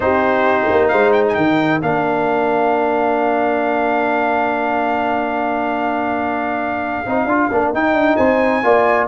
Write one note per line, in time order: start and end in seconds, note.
0.00 0.68 C4
0.00 1.81 D#4
0.00 0.91 G4
0.00 0.88 C5
0.70 0.92 A#3
0.88 1.36 G#3
0.88 1.36 C5
0.88 1.11 F5
1.12 1.23 G5
1.28 1.79 G5
1.28 1.34 G#5
1.36 1.81 D#3
1.36 8.17 A#4
1.82 7.04 A#3
1.82 7.05 D4
1.82 7.73 F5
7.05 7.25 C4
7.05 7.28 D#4
7.25 7.48 D4
7.25 7.51 F4
7.51 7.73 A#3
7.51 7.74 D4
7.73 7.93 D#4
7.73 8.63 D#4
7.73 8.16 G5
7.93 8.15 D4
8.16 8.63 C4
8.16 8.62 C5
8.16 9.07 G#5
8.63 9.08 A#3
8.63 9.08 F4
8.63 9.08 D5